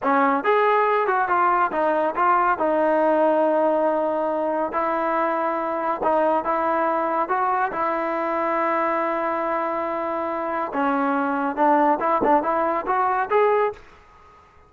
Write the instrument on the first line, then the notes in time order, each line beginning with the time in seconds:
trombone
0.03 C#4
0.44 G#4
1.07 F#4
1.28 F4
1.71 D#4
2.15 F4
2.58 D#4
4.72 E4
6.03 D#4
6.44 E4
7.29 F#4
7.72 E4
10.73 C#4
11.55 D4
12.00 E4
12.23 D4
12.42 E4
12.86 F#4
13.30 G#4